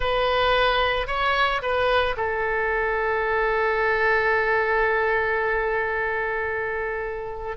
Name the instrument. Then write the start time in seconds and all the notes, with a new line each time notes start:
oboe
0.00 B4
1.07 C#5
1.61 B4
2.16 A4